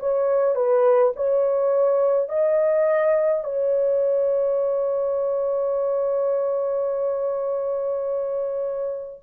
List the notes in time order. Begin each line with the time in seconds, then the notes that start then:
0.00 C#5
0.55 B4
1.16 C#5
2.29 D#5
3.44 C#5